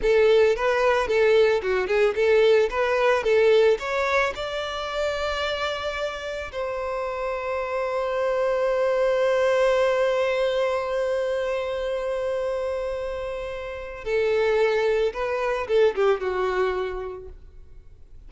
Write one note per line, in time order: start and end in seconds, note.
0.01 0.56 A4
0.56 1.07 B4
1.07 1.61 A4
1.62 1.87 F#4
1.87 2.14 G#4
2.15 2.69 A4
2.70 3.23 B4
3.23 3.77 A4
3.79 4.33 C#5
4.35 6.51 D5
6.52 14.04 C5
14.04 15.12 A4
15.13 15.67 B4
15.67 15.94 A4
15.95 16.20 G4
16.20 17.28 F#4